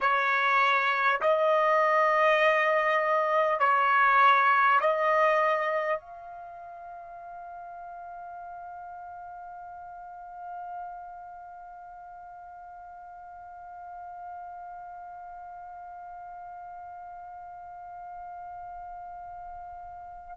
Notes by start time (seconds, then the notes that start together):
0.00 C#5
1.21 D#5
3.59 C#5
4.80 D#5
5.99 F5